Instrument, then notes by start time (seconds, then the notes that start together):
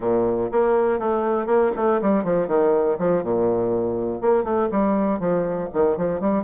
bassoon
0.00 A#2
0.51 A#3
0.99 A3
1.46 A#3
1.76 A3
2.01 G3
2.23 F3
2.47 D#3
2.98 F3
3.23 A#2
4.21 A#3
4.44 A3
4.71 G3
5.19 F3
5.73 D#3
5.97 F3
6.20 G3